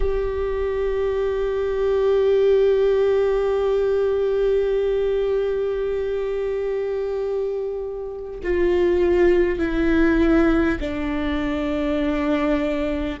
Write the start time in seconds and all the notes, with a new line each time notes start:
0.00 G4
8.43 F4
9.58 E4
10.79 D4